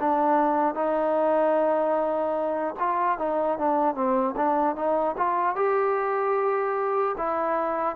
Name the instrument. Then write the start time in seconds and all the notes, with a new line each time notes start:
trombone
0.00 D4
0.75 D#4
2.79 F4
3.18 D#4
3.59 D4
3.95 C4
4.36 D4
4.76 D#4
5.17 F4
5.56 G4
7.17 E4